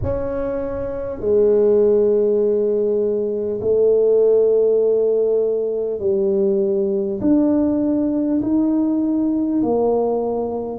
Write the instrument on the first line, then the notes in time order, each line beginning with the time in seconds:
tuba
0.03 C#4
1.20 G#3
3.61 A3
5.99 G3
7.21 D4
8.42 D#4
9.62 A#3